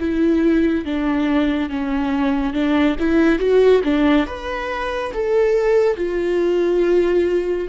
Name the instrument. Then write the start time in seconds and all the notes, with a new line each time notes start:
viola
0.00 E4
0.86 D4
1.70 C#4
2.54 D4
3.00 E4
3.40 F#4
3.85 D4
4.27 B4
5.14 A4
5.97 F4